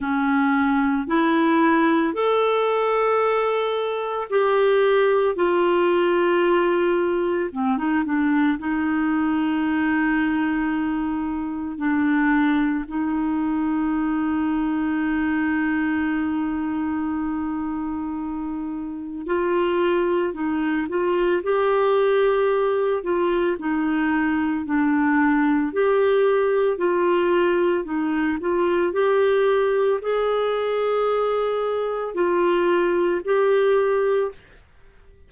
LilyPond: \new Staff \with { instrumentName = "clarinet" } { \time 4/4 \tempo 4 = 56 cis'4 e'4 a'2 | g'4 f'2 c'16 dis'16 d'8 | dis'2. d'4 | dis'1~ |
dis'2 f'4 dis'8 f'8 | g'4. f'8 dis'4 d'4 | g'4 f'4 dis'8 f'8 g'4 | gis'2 f'4 g'4 | }